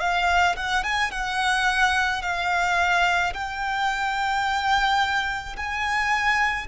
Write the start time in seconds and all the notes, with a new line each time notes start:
0.00 F5
0.56 F#5
0.84 G#5
1.11 F#5
2.22 F5
3.34 G5
5.57 G#5